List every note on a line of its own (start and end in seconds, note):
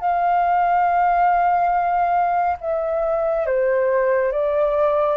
0.00 2.57 F5
2.61 3.46 E5
3.46 4.32 C5
4.32 5.17 D5